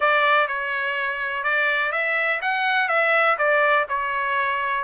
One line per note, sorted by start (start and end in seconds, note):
0.00 0.47 D5
0.47 1.43 C#5
1.43 1.92 D5
1.92 2.40 E5
2.41 2.88 F#5
2.88 3.36 E5
3.38 3.86 D5
3.88 4.84 C#5